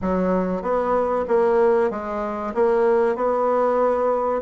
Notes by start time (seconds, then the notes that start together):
0.01 F#3
0.62 B3
1.28 A#3
1.90 G#3
2.54 A#3
3.15 B3